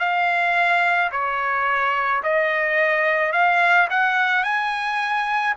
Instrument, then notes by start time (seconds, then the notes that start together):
trumpet
0.00 F5
1.12 C#5
2.24 D#5
3.33 F5
3.91 F#5
4.44 G#5